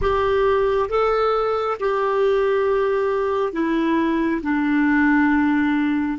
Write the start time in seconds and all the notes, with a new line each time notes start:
0.01 G4
0.89 A4
1.79 G4
3.53 E4
4.42 D4